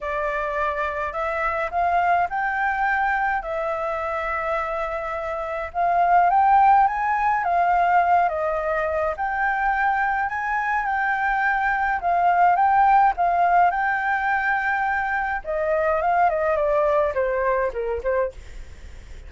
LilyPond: \new Staff \with { instrumentName = "flute" } { \time 4/4 \tempo 4 = 105 d''2 e''4 f''4 | g''2 e''2~ | e''2 f''4 g''4 | gis''4 f''4. dis''4. |
g''2 gis''4 g''4~ | g''4 f''4 g''4 f''4 | g''2. dis''4 | f''8 dis''8 d''4 c''4 ais'8 c''8 | }